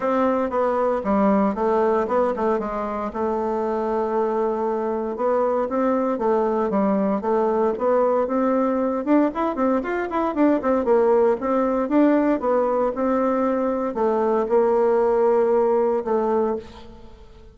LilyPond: \new Staff \with { instrumentName = "bassoon" } { \time 4/4 \tempo 4 = 116 c'4 b4 g4 a4 | b8 a8 gis4 a2~ | a2 b4 c'4 | a4 g4 a4 b4 |
c'4. d'8 e'8 c'8 f'8 e'8 | d'8 c'8 ais4 c'4 d'4 | b4 c'2 a4 | ais2. a4 | }